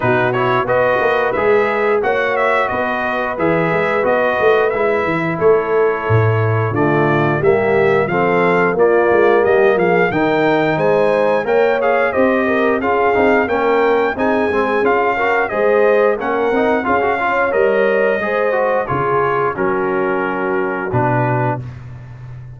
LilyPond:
<<
  \new Staff \with { instrumentName = "trumpet" } { \time 4/4 \tempo 4 = 89 b'8 cis''8 dis''4 e''4 fis''8 e''8 | dis''4 e''4 dis''4 e''4 | cis''2 d''4 e''4 | f''4 d''4 dis''8 f''8 g''4 |
gis''4 g''8 f''8 dis''4 f''4 | g''4 gis''4 f''4 dis''4 | fis''4 f''4 dis''2 | cis''4 ais'2 b'4 | }
  \new Staff \with { instrumentName = "horn" } { \time 4/4 fis'4 b'2 cis''4 | b'1 | a'2 f'4 g'4 | a'4 f'4 g'8 gis'8 ais'4 |
c''4 cis''4 c''8 ais'8 gis'4 | ais'4 gis'4. ais'8 c''4 | ais'4 gis'8 cis''4. c''4 | gis'4 fis'2. | }
  \new Staff \with { instrumentName = "trombone" } { \time 4/4 dis'8 e'8 fis'4 gis'4 fis'4~ | fis'4 gis'4 fis'4 e'4~ | e'2 a4 ais4 | c'4 ais2 dis'4~ |
dis'4 ais'8 gis'8 g'4 f'8 dis'8 | cis'4 dis'8 c'8 f'8 fis'8 gis'4 | cis'8 dis'8 f'16 fis'16 f'8 ais'4 gis'8 fis'8 | f'4 cis'2 d'4 | }
  \new Staff \with { instrumentName = "tuba" } { \time 4/4 b,4 b8 ais8 gis4 ais4 | b4 e8 gis8 b8 a8 gis8 e8 | a4 a,4 d4 g4 | f4 ais8 gis8 g8 f8 dis4 |
gis4 ais4 c'4 cis'8 c'8 | ais4 c'8 gis8 cis'4 gis4 | ais8 c'8 cis'4 g4 gis4 | cis4 fis2 b,4 | }
>>